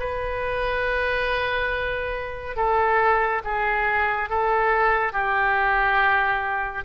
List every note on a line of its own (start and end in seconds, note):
0.00 2.56 B4
2.56 3.42 A4
3.45 4.30 G#4
4.30 5.13 A4
5.13 6.85 G4